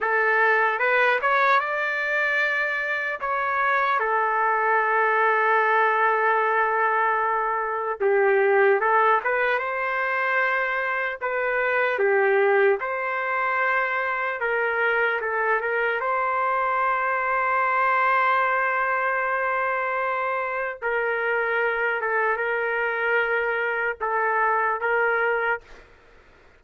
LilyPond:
\new Staff \with { instrumentName = "trumpet" } { \time 4/4 \tempo 4 = 75 a'4 b'8 cis''8 d''2 | cis''4 a'2.~ | a'2 g'4 a'8 b'8 | c''2 b'4 g'4 |
c''2 ais'4 a'8 ais'8 | c''1~ | c''2 ais'4. a'8 | ais'2 a'4 ais'4 | }